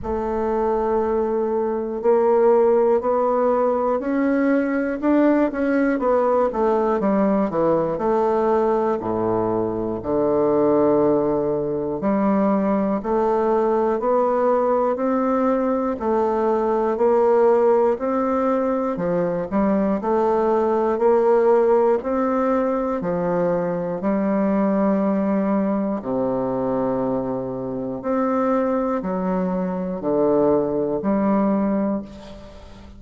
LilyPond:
\new Staff \with { instrumentName = "bassoon" } { \time 4/4 \tempo 4 = 60 a2 ais4 b4 | cis'4 d'8 cis'8 b8 a8 g8 e8 | a4 a,4 d2 | g4 a4 b4 c'4 |
a4 ais4 c'4 f8 g8 | a4 ais4 c'4 f4 | g2 c2 | c'4 fis4 d4 g4 | }